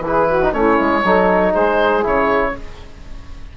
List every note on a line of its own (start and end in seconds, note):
0.00 0.50 E3
0.00 0.42 E4
0.00 0.28 G#4
0.00 0.54 B4
0.28 0.53 F#4
0.42 0.53 D#4
0.53 0.78 A3
0.53 1.03 C#4
0.53 1.03 E4
0.53 1.54 C#5
0.80 1.04 G#3
1.03 1.54 F#3
1.03 2.02 D#4
1.03 1.52 A4
1.52 2.05 G#3
1.52 2.52 G#4
1.52 2.04 C5
2.02 2.56 C#3
2.02 2.52 E4
2.02 2.57 C#5